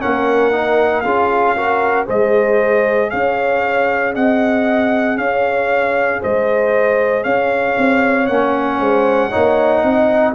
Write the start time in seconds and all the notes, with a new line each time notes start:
0.00 A#3 C#4 A#4 F#5
0.52 D#4
1.01 C#4 F4 G#4 F5
1.56 F#4 A#4
2.06 G#3 G#4 C5 D#5
3.10 C#4 C#5 F5
4.14 C4 D#5 F#5
5.18 C#4 C#5 F5
6.21 G#3 C5 D#5
7.24 C#4 C#5 F5
7.78 C4
8.27 A#3 C#4 F#5
8.80 G#3 C5
9.29 D#4 C#5
9.36 A#3
9.83 C4 D#5